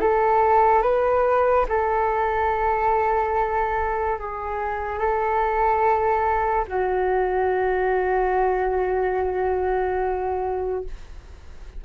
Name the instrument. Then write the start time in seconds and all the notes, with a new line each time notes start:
flute
0.00 A4
0.82 B4
1.69 A4
4.18 G#4
4.98 A4
6.67 F#4